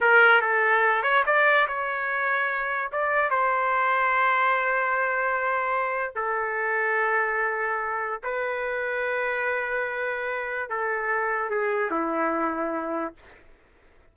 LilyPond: \new Staff \with { instrumentName = "trumpet" } { \time 4/4 \tempo 4 = 146 ais'4 a'4. cis''8 d''4 | cis''2. d''4 | c''1~ | c''2. a'4~ |
a'1 | b'1~ | b'2 a'2 | gis'4 e'2. | }